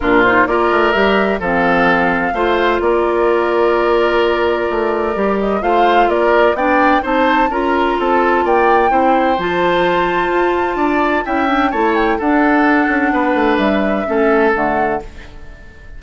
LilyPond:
<<
  \new Staff \with { instrumentName = "flute" } { \time 4/4 \tempo 4 = 128 ais'8 c''8 d''4 e''4 f''4~ | f''2 d''2~ | d''2.~ d''8 dis''8 | f''4 d''4 g''4 a''4 |
ais''4 a''4 g''2 | a''1 | g''4 a''8 g''8 fis''2~ | fis''4 e''2 fis''4 | }
  \new Staff \with { instrumentName = "oboe" } { \time 4/4 f'4 ais'2 a'4~ | a'4 c''4 ais'2~ | ais'1 | c''4 ais'4 d''4 c''4 |
ais'4 a'4 d''4 c''4~ | c''2. d''4 | e''4 cis''4 a'2 | b'2 a'2 | }
  \new Staff \with { instrumentName = "clarinet" } { \time 4/4 d'8 dis'8 f'4 g'4 c'4~ | c'4 f'2.~ | f'2. g'4 | f'2 d'4 dis'4 |
f'2. e'4 | f'1 | e'8 d'8 e'4 d'2~ | d'2 cis'4 a4 | }
  \new Staff \with { instrumentName = "bassoon" } { \time 4/4 ais,4 ais8 a8 g4 f4~ | f4 a4 ais2~ | ais2 a4 g4 | a4 ais4 b4 c'4 |
cis'4 c'4 ais4 c'4 | f2 f'4 d'4 | cis'4 a4 d'4. cis'8 | b8 a8 g4 a4 d4 | }
>>